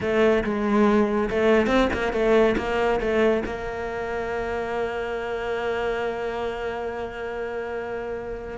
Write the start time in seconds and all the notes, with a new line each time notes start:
0.01 A3
0.43 G#3
1.30 A3
1.67 C4
1.93 A#3
2.12 A3
2.57 A#3
3.00 A3
3.45 A#3